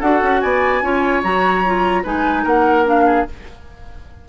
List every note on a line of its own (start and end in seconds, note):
0.00 0.23 D4
0.00 0.84 F#4
0.00 0.41 A4
0.00 0.41 F#5
0.23 0.43 C#4
0.41 0.82 B3
0.41 0.84 D5
0.41 1.23 G#5
0.82 1.23 C#4
0.82 1.24 F4
0.82 2.04 C#5
1.24 2.05 F#3
1.24 1.65 F#4
1.24 2.05 A#5
1.67 2.05 F4
2.04 2.46 G#3
2.04 2.86 D#4
2.04 2.43 B4
2.04 2.47 G#5
2.43 3.27 A#3
2.43 3.05 A#4
2.43 2.88 F#5
2.86 3.27 D4
2.86 3.29 F5
3.06 3.27 G#4